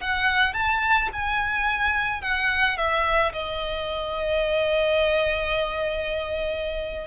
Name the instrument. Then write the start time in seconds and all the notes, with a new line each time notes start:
violin
0.00 F#5
0.53 A5
1.12 G#5
2.21 F#5
2.77 E5
3.32 D#5